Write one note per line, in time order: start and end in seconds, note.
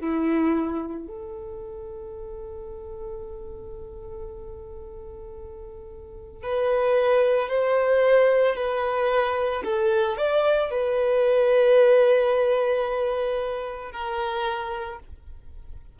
0.00 1.07 E4
1.08 6.43 A4
6.43 7.49 B4
7.49 8.56 C5
8.56 9.63 B4
9.64 10.17 A4
10.17 10.71 D5
10.71 13.92 B4
13.92 14.99 A#4